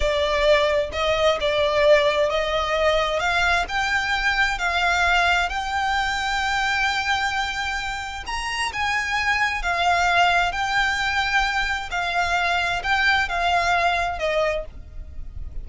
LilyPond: \new Staff \with { instrumentName = "violin" } { \time 4/4 \tempo 4 = 131 d''2 dis''4 d''4~ | d''4 dis''2 f''4 | g''2 f''2 | g''1~ |
g''2 ais''4 gis''4~ | gis''4 f''2 g''4~ | g''2 f''2 | g''4 f''2 dis''4 | }